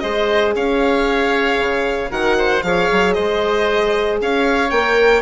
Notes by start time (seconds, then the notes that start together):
0.00 G#3 G#4 C5 D#5
0.56 C#4 C#5 F5
1.59 C#3
2.10 D#3 F#4 A#4 F#5
2.38 C5
2.63 F3 G#4 C#5 F5
2.92 F#3
3.14 G#3 C5 D#5
4.21 C#4 C#5 F5
4.70 A#3 A#4 G5